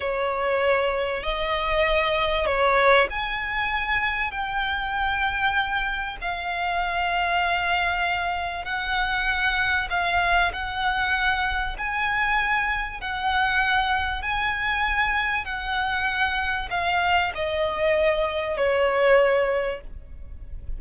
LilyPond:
\new Staff \with { instrumentName = "violin" } { \time 4/4 \tempo 4 = 97 cis''2 dis''2 | cis''4 gis''2 g''4~ | g''2 f''2~ | f''2 fis''2 |
f''4 fis''2 gis''4~ | gis''4 fis''2 gis''4~ | gis''4 fis''2 f''4 | dis''2 cis''2 | }